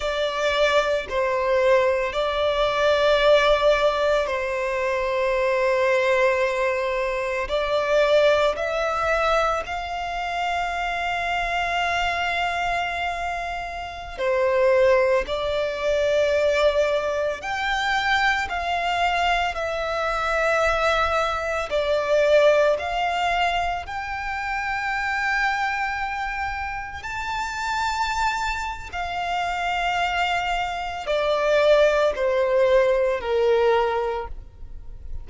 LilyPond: \new Staff \with { instrumentName = "violin" } { \time 4/4 \tempo 4 = 56 d''4 c''4 d''2 | c''2. d''4 | e''4 f''2.~ | f''4~ f''16 c''4 d''4.~ d''16~ |
d''16 g''4 f''4 e''4.~ e''16~ | e''16 d''4 f''4 g''4.~ g''16~ | g''4~ g''16 a''4.~ a''16 f''4~ | f''4 d''4 c''4 ais'4 | }